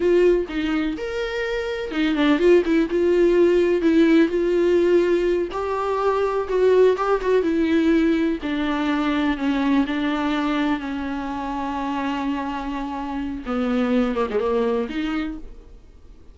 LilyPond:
\new Staff \with { instrumentName = "viola" } { \time 4/4 \tempo 4 = 125 f'4 dis'4 ais'2 | dis'8 d'8 f'8 e'8 f'2 | e'4 f'2~ f'8 g'8~ | g'4. fis'4 g'8 fis'8 e'8~ |
e'4. d'2 cis'8~ | cis'8 d'2 cis'4.~ | cis'1 | b4. ais16 gis16 ais4 dis'4 | }